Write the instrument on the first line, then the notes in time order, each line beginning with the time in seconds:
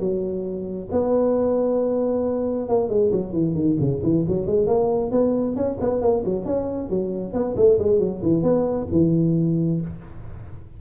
tuba
0.00 F#3
0.92 B3
2.69 A#3
2.89 G#3
3.13 F#3
3.33 E3
3.55 D#3
3.80 C#3
4.04 E3
4.28 F#3
4.47 G#3
4.67 A#3
5.12 B3
5.56 C#4
5.81 B3
6.02 A#3
6.26 F#3
6.46 C#4
6.90 F#3
7.34 B3
7.57 A3
7.79 G#3
8.00 F#3
8.23 E3
8.43 B3
8.92 E3